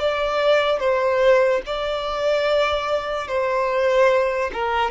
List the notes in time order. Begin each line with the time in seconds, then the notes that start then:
0.00 D5
0.80 C5
1.66 D5
3.28 C5
4.54 A#4